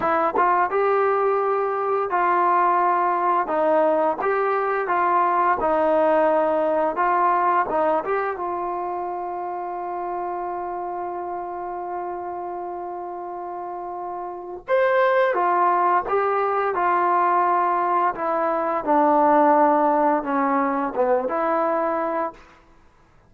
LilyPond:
\new Staff \with { instrumentName = "trombone" } { \time 4/4 \tempo 4 = 86 e'8 f'8 g'2 f'4~ | f'4 dis'4 g'4 f'4 | dis'2 f'4 dis'8 g'8 | f'1~ |
f'1~ | f'4 c''4 f'4 g'4 | f'2 e'4 d'4~ | d'4 cis'4 b8 e'4. | }